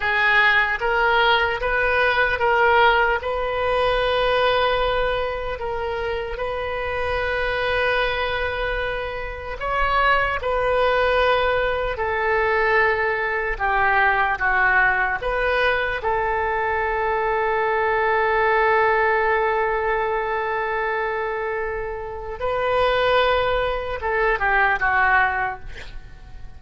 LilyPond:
\new Staff \with { instrumentName = "oboe" } { \time 4/4 \tempo 4 = 75 gis'4 ais'4 b'4 ais'4 | b'2. ais'4 | b'1 | cis''4 b'2 a'4~ |
a'4 g'4 fis'4 b'4 | a'1~ | a'1 | b'2 a'8 g'8 fis'4 | }